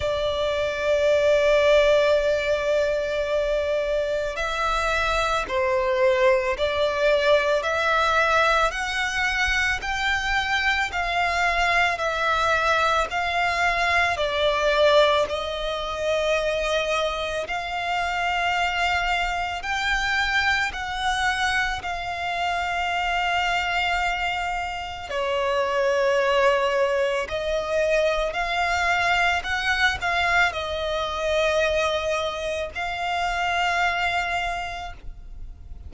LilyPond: \new Staff \with { instrumentName = "violin" } { \time 4/4 \tempo 4 = 55 d''1 | e''4 c''4 d''4 e''4 | fis''4 g''4 f''4 e''4 | f''4 d''4 dis''2 |
f''2 g''4 fis''4 | f''2. cis''4~ | cis''4 dis''4 f''4 fis''8 f''8 | dis''2 f''2 | }